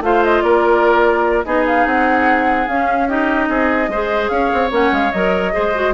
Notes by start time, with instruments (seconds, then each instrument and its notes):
0.00 bassoon A3, clarinet F4, oboe C5, flute F5
0.24 flute D#5
0.42 bassoon A#3, oboe A#4, flute D5
1.45 bassoon B3, clarinet D#4, oboe G#4, flute D#5
1.66 flute F5
1.86 bassoon C4, flute F#5
2.68 bassoon C#4, clarinet C#4, flute F5
3.07 clarinet D#4, oboe G4, flute D#5
3.49 bassoon C4, oboe G#4
3.88 bassoon G#3, clarinet G#4, oboe C5
4.28 bassoon C#4, oboe C#5, flute F5
4.53 bassoon C4
4.70 bassoon A#3, clarinet C#4, flute F#5
4.91 bassoon G#3, flute F5
5.12 bassoon F#3, clarinet A#4, flute D#5
5.53 bassoon G#3, clarinet G#4, oboe C5
5.74 clarinet F#4